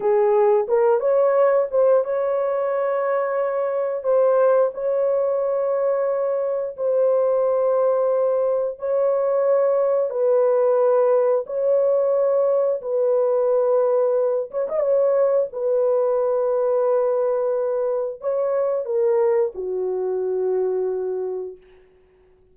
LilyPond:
\new Staff \with { instrumentName = "horn" } { \time 4/4 \tempo 4 = 89 gis'4 ais'8 cis''4 c''8 cis''4~ | cis''2 c''4 cis''4~ | cis''2 c''2~ | c''4 cis''2 b'4~ |
b'4 cis''2 b'4~ | b'4. cis''16 dis''16 cis''4 b'4~ | b'2. cis''4 | ais'4 fis'2. | }